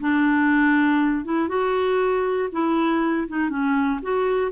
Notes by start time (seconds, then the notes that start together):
0.00 D4
1.25 E4
1.49 F#4
2.52 E4
3.28 D#4
3.50 C#4
4.02 F#4